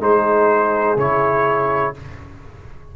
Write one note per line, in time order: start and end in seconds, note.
0.00 0.97 G#3
0.00 0.97 D#4
0.00 1.96 G#4
0.00 0.99 C5
0.97 1.93 C#3
0.97 1.95 E4
0.97 1.96 C#5